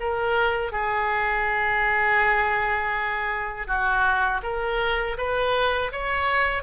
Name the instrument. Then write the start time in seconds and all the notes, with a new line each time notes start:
oboe
0.00 A#4
0.72 G#4
3.67 F#4
4.43 A#4
5.18 B4
5.92 C#5